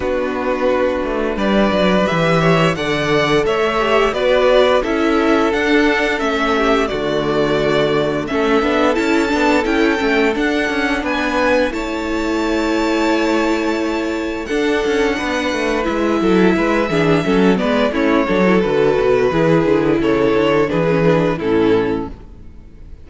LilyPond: <<
  \new Staff \with { instrumentName = "violin" } { \time 4/4 \tempo 4 = 87 b'2 d''4 e''4 | fis''4 e''4 d''4 e''4 | fis''4 e''4 d''2 | e''4 a''4 g''4 fis''4 |
gis''4 a''2.~ | a''4 fis''2 e''4~ | e''4. d''8 cis''4 b'4~ | b'4 cis''4 b'4 a'4 | }
  \new Staff \with { instrumentName = "violin" } { \time 4/4 fis'2 b'4. cis''8 | d''4 cis''4 b'4 a'4~ | a'4. g'8 fis'2 | a'1 |
b'4 cis''2.~ | cis''4 a'4 b'4. a'8 | b'8 gis'8 a'8 b'8 e'8 a'4. | gis'4 a'4 gis'4 e'4 | }
  \new Staff \with { instrumentName = "viola" } { \time 4/4 d'2. g'4 | a'4. g'8 fis'4 e'4 | d'4 cis'4 a2 | cis'8 d'8 e'8 d'8 e'8 cis'8 d'4~ |
d'4 e'2.~ | e'4 d'2 e'4~ | e'8 d'8 cis'8 b8 cis'8 d'16 e'16 fis'4 | e'2 d'16 cis'16 d'8 cis'4 | }
  \new Staff \with { instrumentName = "cello" } { \time 4/4 b4. a8 g8 fis8 e4 | d4 a4 b4 cis'4 | d'4 a4 d2 | a8 b8 cis'8 b8 cis'8 a8 d'8 cis'8 |
b4 a2.~ | a4 d'8 cis'8 b8 a8 gis8 fis8 | gis8 e8 fis8 gis8 a8 fis8 d8 b,8 | e8 d8 cis8 d8 e4 a,4 | }
>>